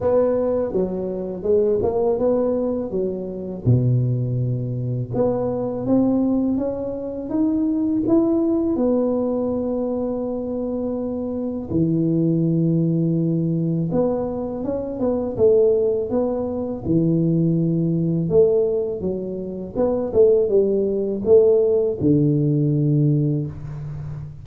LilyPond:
\new Staff \with { instrumentName = "tuba" } { \time 4/4 \tempo 4 = 82 b4 fis4 gis8 ais8 b4 | fis4 b,2 b4 | c'4 cis'4 dis'4 e'4 | b1 |
e2. b4 | cis'8 b8 a4 b4 e4~ | e4 a4 fis4 b8 a8 | g4 a4 d2 | }